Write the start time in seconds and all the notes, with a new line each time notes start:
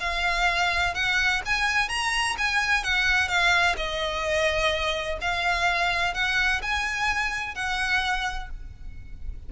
0.00 F5
0.94 F#5
1.46 G#5
1.89 A#5
2.38 G#5
2.84 F#5
3.28 F5
3.77 D#5
5.21 F5
6.14 F#5
6.62 G#5
7.55 F#5